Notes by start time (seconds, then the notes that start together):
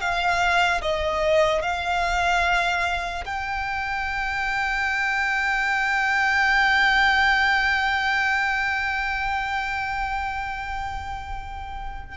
0.00 F5
0.81 D#5
1.62 F5
3.25 G5